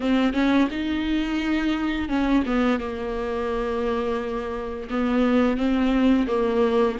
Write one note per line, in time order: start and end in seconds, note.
0.00 0.33 C4
0.33 0.68 C#4
0.70 2.08 D#4
2.08 2.43 C#4
2.46 2.79 B3
2.79 4.88 A#3
4.90 5.57 B3
5.57 6.27 C4
6.27 6.97 A#3